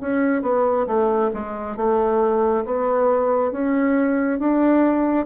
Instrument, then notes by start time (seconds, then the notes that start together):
bassoon
0.00 C#4
0.42 B3
0.87 A3
1.34 G#3
1.76 A3
2.65 B3
3.52 C#4
4.39 D4